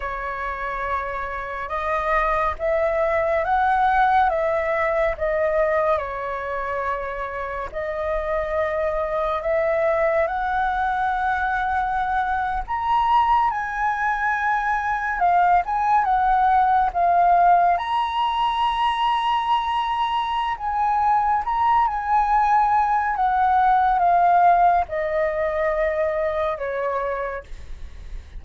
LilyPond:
\new Staff \with { instrumentName = "flute" } { \time 4/4 \tempo 4 = 70 cis''2 dis''4 e''4 | fis''4 e''4 dis''4 cis''4~ | cis''4 dis''2 e''4 | fis''2~ fis''8. ais''4 gis''16~ |
gis''4.~ gis''16 f''8 gis''8 fis''4 f''16~ | f''8. ais''2.~ ais''16 | gis''4 ais''8 gis''4. fis''4 | f''4 dis''2 cis''4 | }